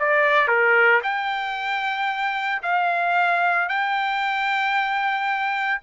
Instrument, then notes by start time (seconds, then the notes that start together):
trumpet
0.00 D5
0.48 A#4
1.04 G5
2.63 F5
3.69 G5